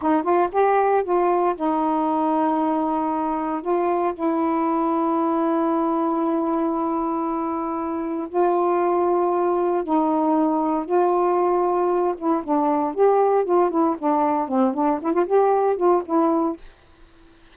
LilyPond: \new Staff \with { instrumentName = "saxophone" } { \time 4/4 \tempo 4 = 116 dis'8 f'8 g'4 f'4 dis'4~ | dis'2. f'4 | e'1~ | e'1 |
f'2. dis'4~ | dis'4 f'2~ f'8 e'8 | d'4 g'4 f'8 e'8 d'4 | c'8 d'8 e'16 f'16 g'4 f'8 e'4 | }